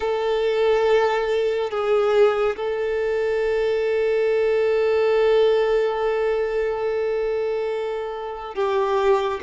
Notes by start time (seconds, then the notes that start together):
0.00 A4
1.70 G#4
2.56 A4
8.54 G4